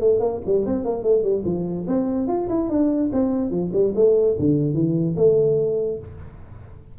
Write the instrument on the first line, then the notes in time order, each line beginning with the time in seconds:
tuba
0.00 A3
0.20 A#3
0.46 G3
0.66 C4
0.84 A#3
1.03 A3
1.23 G3
1.45 F3
1.87 C4
2.27 F4
2.49 E4
2.69 D4
3.13 C4
3.50 F3
3.73 G3
3.95 A3
4.39 D3
4.74 E3
5.16 A3